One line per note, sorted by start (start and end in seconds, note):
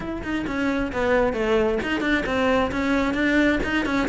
0.00 0.22 E4
0.23 0.45 D#4
0.47 0.92 C#4
0.92 1.33 B3
1.33 1.78 A3
1.82 2.01 D#4
2.01 2.23 D4
2.26 2.71 C4
2.71 3.14 C#4
3.14 3.59 D4
3.63 3.85 D#4
3.85 4.08 C#4